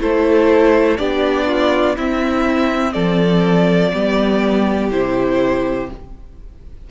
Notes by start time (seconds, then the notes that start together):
0.00 A3 E4 A4 C5
0.97 B3 D4 G4 D5
1.47 F4
1.96 C4 E4 E5
2.93 F3 A4 D5
3.93 G3 B3 G4
4.91 C3 E4 C5